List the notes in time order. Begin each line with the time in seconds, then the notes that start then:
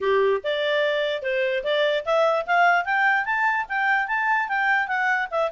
0.00 G4
0.43 D5
1.22 C5
1.63 D5
2.05 E5
2.46 F5
2.84 G5
3.25 A5
3.68 G5
4.07 A5
4.48 G5
4.87 F#5
5.30 E5